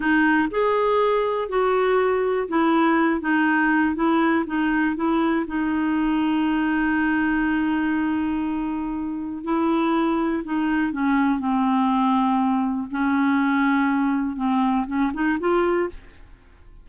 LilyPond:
\new Staff \with { instrumentName = "clarinet" } { \time 4/4 \tempo 4 = 121 dis'4 gis'2 fis'4~ | fis'4 e'4. dis'4. | e'4 dis'4 e'4 dis'4~ | dis'1~ |
dis'2. e'4~ | e'4 dis'4 cis'4 c'4~ | c'2 cis'2~ | cis'4 c'4 cis'8 dis'8 f'4 | }